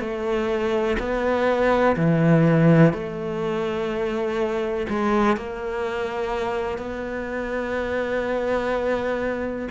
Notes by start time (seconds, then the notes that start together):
0.00 A3
0.99 B3
1.97 E3
2.93 A3
4.89 G#3
5.37 A#3
6.78 B3